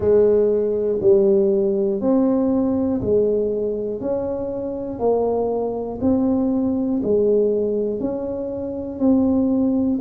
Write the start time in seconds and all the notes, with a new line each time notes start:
0.00 G#3
1.00 G3
2.00 C4
3.00 G#3
4.00 C#4
4.99 A#3
6.00 C4
7.03 G#3
8.00 C#4
8.99 C4